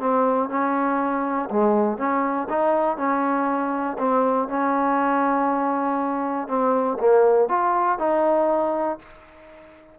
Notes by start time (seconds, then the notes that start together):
0.00 C4
0.50 C#4
1.51 G#3
1.98 C#4
2.50 D#4
2.97 C#4
3.99 C4
4.49 C#4
6.48 C4
7.00 A#3
7.49 F4
7.99 D#4